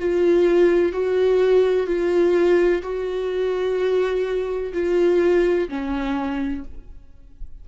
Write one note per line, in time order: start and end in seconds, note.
0.00 0.93 F4
0.93 1.87 F#4
1.87 2.82 F4
2.83 4.73 F#4
4.74 5.69 F4
5.69 6.65 C#4